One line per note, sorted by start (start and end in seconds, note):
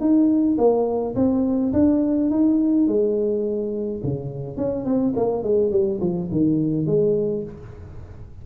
0.00 0.57 D#4
0.58 1.15 A#3
1.15 1.72 C4
1.73 2.30 D4
2.30 2.87 D#4
2.87 4.02 G#3
4.03 4.57 C#3
4.57 4.85 C#4
4.85 5.14 C4
5.16 5.43 A#3
5.43 5.71 G#3
5.71 6.00 G3
6.01 6.29 F3
6.31 6.86 D#3
6.86 7.43 G#3